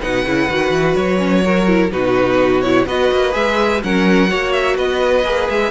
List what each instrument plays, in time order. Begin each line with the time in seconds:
0.00 cello B2, viola D#4, violin B4 F#5
0.25 cello C#3, viola E4
0.49 cello D#3, viola F#4
0.71 cello E3
0.96 cello F#3, violin C#5
1.18 viola C#4
1.45 viola F#4, violin A#4
1.67 viola E4
1.92 cello B2, viola D#4, violin F#4 B4
2.61 viola E4, violin C#5
2.87 cello B3, viola F#4, violin B4 D#5
3.12 cello A#3
3.32 cello G#3, viola G#4, violin E5
3.83 cello F#3, viola C#4, violin A#4 F#5
4.28 cello A#3, viola F#4, violin C#5
4.52 violin E5
4.76 cello B3, violin B4 D#5
5.25 cello A#3, viola G#4
5.49 cello G#3, violin E5